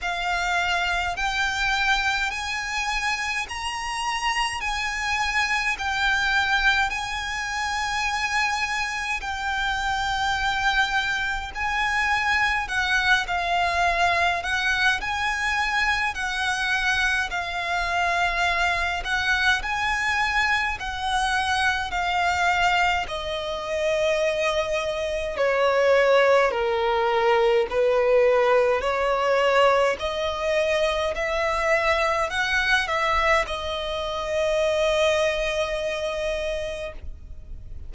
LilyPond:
\new Staff \with { instrumentName = "violin" } { \time 4/4 \tempo 4 = 52 f''4 g''4 gis''4 ais''4 | gis''4 g''4 gis''2 | g''2 gis''4 fis''8 f''8~ | f''8 fis''8 gis''4 fis''4 f''4~ |
f''8 fis''8 gis''4 fis''4 f''4 | dis''2 cis''4 ais'4 | b'4 cis''4 dis''4 e''4 | fis''8 e''8 dis''2. | }